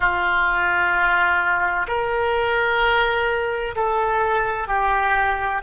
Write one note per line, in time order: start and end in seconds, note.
0.00 1.86 F4
1.87 3.75 A#4
3.75 4.67 A4
4.67 5.61 G4